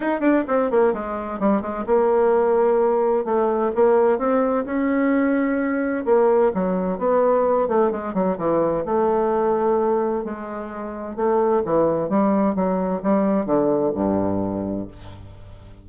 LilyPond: \new Staff \with { instrumentName = "bassoon" } { \time 4/4 \tempo 4 = 129 dis'8 d'8 c'8 ais8 gis4 g8 gis8 | ais2. a4 | ais4 c'4 cis'2~ | cis'4 ais4 fis4 b4~ |
b8 a8 gis8 fis8 e4 a4~ | a2 gis2 | a4 e4 g4 fis4 | g4 d4 g,2 | }